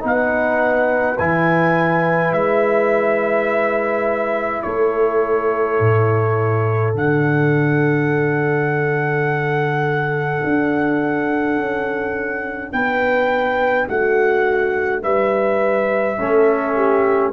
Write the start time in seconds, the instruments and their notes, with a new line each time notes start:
0.00 tuba B3, trombone D#4, horn B4, trumpet F#5
1.18 tuba E3, trombone E4, trumpet G#5
2.33 tuba G#3, trumpet E5
4.63 tuba A3, horn A4, trumpet C#5
5.80 tuba A2
6.95 tuba D3, trombone D4, trumpet F#5
10.44 tuba D4
11.57 tuba C#4
12.73 tuba B3, horn B4, trumpet G5
13.88 tuba A3, horn F#4, trumpet F#5
15.03 tuba G3, horn B4, trumpet E5
16.19 tuba A3, trombone C#4, horn A4
16.76 horn G4